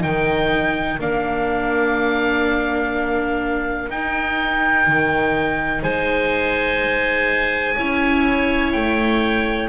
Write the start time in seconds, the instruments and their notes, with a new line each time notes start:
0.00 double bass D#3, viola D#4, clarinet A#4, oboe G5
0.99 double bass A#3, viola D4, oboe F5
3.89 double bass D#4, viola D#4, oboe G5
4.86 double bass D#3
5.82 double bass G#3, clarinet C5, oboe G#5
7.76 double bass C#4, viola E4, clarinet C#5
8.72 double bass A3, oboe G5